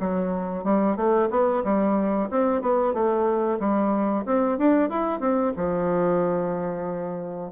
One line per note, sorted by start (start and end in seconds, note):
0.00 0.64 F#3
0.64 0.96 G3
0.96 1.29 A3
1.30 1.63 B3
1.64 2.29 G3
2.31 2.61 C4
2.61 2.94 B3
2.94 3.59 A3
3.60 4.25 G3
4.26 4.58 C4
4.58 4.90 D4
4.90 5.20 E4
5.20 5.53 C4
5.56 7.52 F3